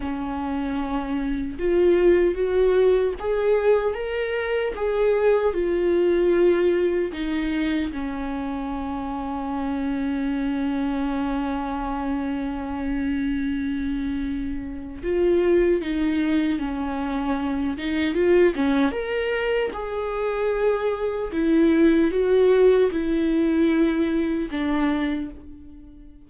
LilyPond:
\new Staff \with { instrumentName = "viola" } { \time 4/4 \tempo 4 = 76 cis'2 f'4 fis'4 | gis'4 ais'4 gis'4 f'4~ | f'4 dis'4 cis'2~ | cis'1~ |
cis'2. f'4 | dis'4 cis'4. dis'8 f'8 cis'8 | ais'4 gis'2 e'4 | fis'4 e'2 d'4 | }